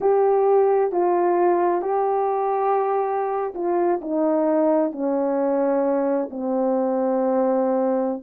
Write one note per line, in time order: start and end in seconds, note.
0.00 0.92 G4
0.92 1.81 F4
1.81 3.53 G4
3.54 4.00 F4
4.01 4.91 D#4
4.91 6.29 C#4
6.30 8.22 C4